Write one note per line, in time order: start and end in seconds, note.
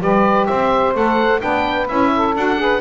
0.00 0.47 G3
0.00 0.94 G4
0.00 0.47 B4
0.00 0.46 D5
0.46 0.95 C4
0.46 1.41 C5
0.46 0.93 E5
0.95 1.42 A3
0.95 1.40 A4
0.95 1.41 F#5
1.40 1.89 B3
1.40 1.87 D4
1.40 2.12 B4
1.40 1.88 G5
1.88 2.35 C#4
1.88 2.35 E4
1.88 2.35 E5
2.15 2.61 A4
2.35 2.81 D4
2.35 2.57 F#4
2.35 2.81 F#5
2.57 2.80 G#4
2.57 2.81 B4